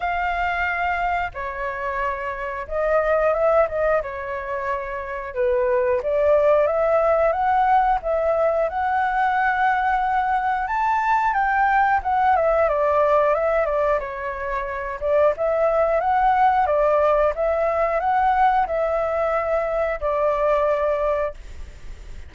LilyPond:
\new Staff \with { instrumentName = "flute" } { \time 4/4 \tempo 4 = 90 f''2 cis''2 | dis''4 e''8 dis''8 cis''2 | b'4 d''4 e''4 fis''4 | e''4 fis''2. |
a''4 g''4 fis''8 e''8 d''4 | e''8 d''8 cis''4. d''8 e''4 | fis''4 d''4 e''4 fis''4 | e''2 d''2 | }